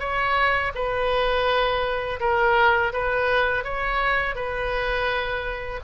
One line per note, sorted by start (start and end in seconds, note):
0.00 0.72 C#5
0.75 2.20 B4
2.20 2.92 A#4
2.93 3.64 B4
3.64 4.35 C#5
4.35 5.80 B4